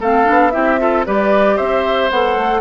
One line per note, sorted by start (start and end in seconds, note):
0.00 0.27 A3
0.00 0.24 C4
0.00 0.52 A4
0.00 0.51 F5
0.24 0.55 B3
0.24 0.51 D4
0.51 1.07 C4
0.51 0.78 E4
0.51 0.80 G4
0.51 1.03 E5
0.79 1.05 F4
0.79 1.06 A4
1.06 1.59 G3
1.06 2.10 G4
1.06 1.56 B4
1.06 1.58 D5
1.56 2.10 C4
1.56 2.60 C5
1.56 2.10 E5
2.10 2.36 B3
2.10 2.61 A4
2.10 2.61 F#5
2.36 2.61 A3